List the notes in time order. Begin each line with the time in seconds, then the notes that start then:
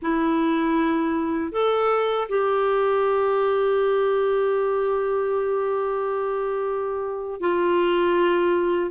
0.02 E4
1.52 A4
2.29 G4
7.40 F4